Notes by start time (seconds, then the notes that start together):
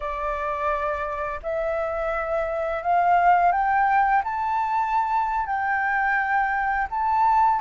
0.00 D5
1.42 E5
2.82 F5
3.52 G5
4.24 A5
5.46 G5
6.90 A5